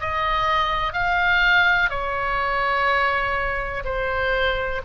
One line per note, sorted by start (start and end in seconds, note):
0.00 0.93 D#5
0.93 1.90 F5
1.90 3.83 C#5
3.84 4.81 C5